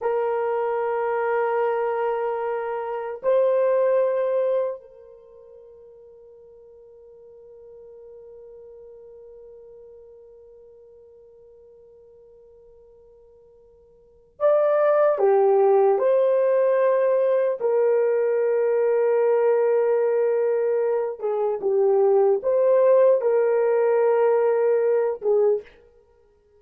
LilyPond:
\new Staff \with { instrumentName = "horn" } { \time 4/4 \tempo 4 = 75 ais'1 | c''2 ais'2~ | ais'1~ | ais'1~ |
ais'2 d''4 g'4 | c''2 ais'2~ | ais'2~ ais'8 gis'8 g'4 | c''4 ais'2~ ais'8 gis'8 | }